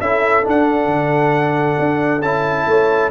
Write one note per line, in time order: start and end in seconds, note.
0.00 0.45 C#4
0.00 0.43 E4
0.00 2.68 A4
0.00 0.44 E5
0.43 2.21 D4
0.43 0.87 D4
0.43 2.22 F#5
0.87 1.76 D3
1.79 2.22 D4
2.22 2.66 C#4
2.22 3.11 E4
2.22 3.11 A5
2.67 3.11 A3
2.67 3.11 C#5